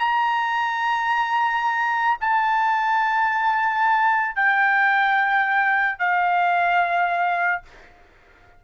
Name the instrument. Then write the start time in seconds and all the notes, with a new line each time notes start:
trumpet
0.00 A#5
2.21 A5
4.35 G5
6.00 F5